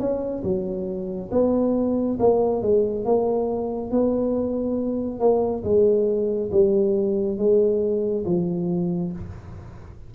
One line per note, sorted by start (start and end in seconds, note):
0.00 0.43 C#4
0.43 1.30 F#3
1.32 2.19 B3
2.19 2.62 A#3
2.62 3.05 G#3
3.05 3.91 A#3
3.91 5.20 B3
5.20 5.64 A#3
5.64 6.51 G#3
6.52 7.38 G3
7.38 8.25 G#3
8.25 9.12 F3